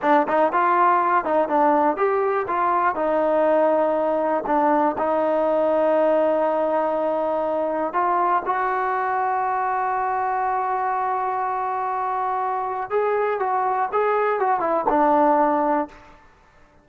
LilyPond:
\new Staff \with { instrumentName = "trombone" } { \time 4/4 \tempo 4 = 121 d'8 dis'8 f'4. dis'8 d'4 | g'4 f'4 dis'2~ | dis'4 d'4 dis'2~ | dis'1 |
f'4 fis'2.~ | fis'1~ | fis'2 gis'4 fis'4 | gis'4 fis'8 e'8 d'2 | }